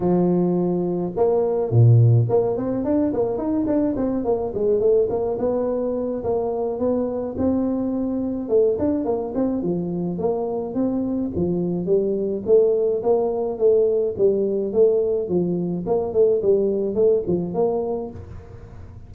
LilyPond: \new Staff \with { instrumentName = "tuba" } { \time 4/4 \tempo 4 = 106 f2 ais4 ais,4 | ais8 c'8 d'8 ais8 dis'8 d'8 c'8 ais8 | gis8 a8 ais8 b4. ais4 | b4 c'2 a8 d'8 |
ais8 c'8 f4 ais4 c'4 | f4 g4 a4 ais4 | a4 g4 a4 f4 | ais8 a8 g4 a8 f8 ais4 | }